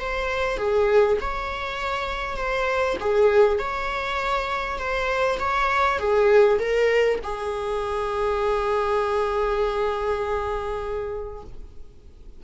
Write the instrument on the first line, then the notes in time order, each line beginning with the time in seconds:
viola
0.00 C5
0.58 G#4
1.21 C#5
2.37 C5
3.01 G#4
3.59 C#5
4.79 C5
5.40 C#5
5.99 G#4
6.59 A#4
7.24 G#4